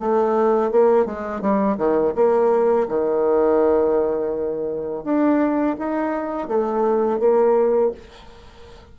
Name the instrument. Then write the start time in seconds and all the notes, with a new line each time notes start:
bassoon
0.00 A3
0.71 A#3
1.06 G#3
1.41 G3
1.78 D#3
2.16 A#3
2.89 D#3
5.04 D4
5.79 D#4
6.48 A3
7.19 A#3